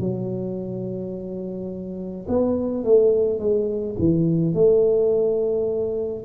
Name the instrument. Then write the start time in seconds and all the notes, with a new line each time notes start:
tuba
0.00 F#3
2.28 B3
2.84 A3
3.39 G#3
3.98 E3
4.54 A3